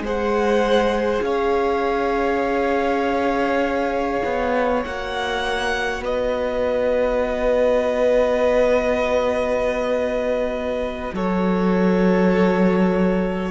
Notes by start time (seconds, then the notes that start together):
0.00 G#3 G#4 C5
0.07 F#5
1.22 C#4 C#5 F5
4.25 B3
4.83 A#3 F#4 F#5
6.01 B3 B4 D#5
11.13 F#3 A4 C#5